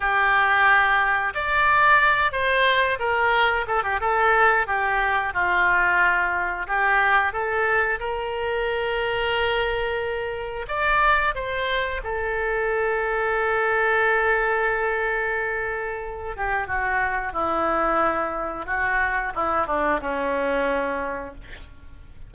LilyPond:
\new Staff \with { instrumentName = "oboe" } { \time 4/4 \tempo 4 = 90 g'2 d''4. c''8~ | c''8 ais'4 a'16 g'16 a'4 g'4 | f'2 g'4 a'4 | ais'1 |
d''4 c''4 a'2~ | a'1~ | a'8 g'8 fis'4 e'2 | fis'4 e'8 d'8 cis'2 | }